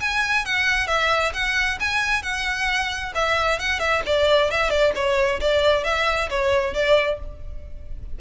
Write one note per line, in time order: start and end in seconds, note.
0.00 0.45 G#5
0.45 0.87 F#5
0.87 1.32 E5
1.33 1.79 F#5
1.80 2.22 G#5
2.22 3.13 F#5
3.14 3.59 E5
3.59 3.79 F#5
3.79 4.02 E5
4.06 4.51 D5
4.51 4.70 E5
4.70 4.92 D5
4.95 5.40 C#5
5.40 5.84 D5
5.84 6.29 E5
6.30 6.74 C#5
6.74 7.19 D5